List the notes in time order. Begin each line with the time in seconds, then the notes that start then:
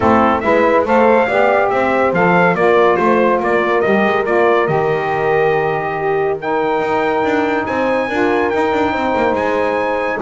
0.00 A3 C4 E4 A4
0.40 G#3 E4 B4 E5
0.84 A3 A4 C5 F5
1.27 B3 G4 D5
1.69 C4 C5 E5
2.12 F3 A4 F5
2.54 A#3 F4 A#4 D5
2.96 A3 C5
3.39 A#3 A#4 D5
3.80 G3 G4 D#5
4.05 G#3
4.24 A#3 F4 D5
4.66 D#3 G4 D#5
5.96 G4
6.39 D#4 A#4 G5
6.80 D#4
7.23 D4
7.66 C4 C5 G#5
8.07 D4 F4 A#4
8.49 D#4 G5
8.72 D4
8.91 C4 C5
9.16 A#3
9.32 G#3 G#5